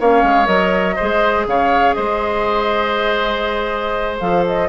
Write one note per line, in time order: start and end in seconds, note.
0.00 0.23 A#3
0.00 0.45 C#4
0.00 0.96 C#5
0.00 0.46 F5
0.23 0.47 G#3
0.45 0.97 F#3
0.45 0.95 A#4
0.45 1.46 D#5
0.96 1.47 G#3
0.96 4.20 G#4
0.96 1.46 C5
1.47 1.96 C#3
1.47 1.96 C#5
1.47 1.94 F5
1.94 4.21 G#3
1.94 4.68 C5
1.94 4.17 D#5
4.20 4.69 F3
4.20 4.69 A4
4.20 4.45 F5
4.47 4.69 D#5